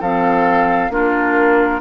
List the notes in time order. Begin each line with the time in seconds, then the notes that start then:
0.00 F3 C4 A4 F5
0.90 A#3 D4 F4 A#4